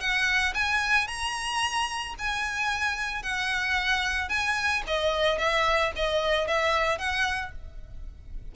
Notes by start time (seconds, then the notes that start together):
0.00 F#5
0.54 G#5
1.07 A#5
2.18 G#5
3.23 F#5
4.29 G#5
4.87 D#5
5.38 E5
5.96 D#5
6.47 E5
6.98 F#5